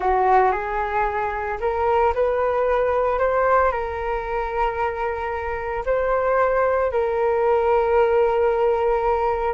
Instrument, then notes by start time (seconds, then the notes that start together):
flute
0.00 F#4
0.51 G#4
1.60 A#4
2.14 B4
3.19 C5
3.71 A#4
5.86 C5
6.91 A#4